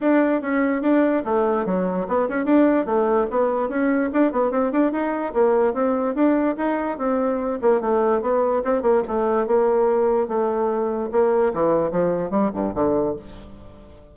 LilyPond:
\new Staff \with { instrumentName = "bassoon" } { \time 4/4 \tempo 4 = 146 d'4 cis'4 d'4 a4 | fis4 b8 cis'8 d'4 a4 | b4 cis'4 d'8 b8 c'8 d'8 | dis'4 ais4 c'4 d'4 |
dis'4 c'4. ais8 a4 | b4 c'8 ais8 a4 ais4~ | ais4 a2 ais4 | e4 f4 g8 g,8 d4 | }